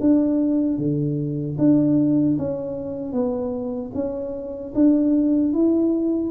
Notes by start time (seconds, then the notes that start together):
0.00 D4
0.78 D3
1.58 D4
2.38 C#4
3.12 B3
3.94 C#4
4.74 D4
5.53 E4